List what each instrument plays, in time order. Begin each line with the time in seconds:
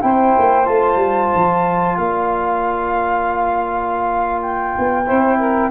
0.00 tuba C4, trombone E4, saxophone C5, flute G5
0.38 tuba A#3
0.65 tuba A3, trombone F4, flute A5
0.96 tuba G3
1.35 tuba F3
1.96 tuba A#3, saxophone D5, flute F5
4.42 flute G5
4.78 tuba B3
5.06 tuba C4, trombone E4, saxophone C5
5.37 saxophone A#4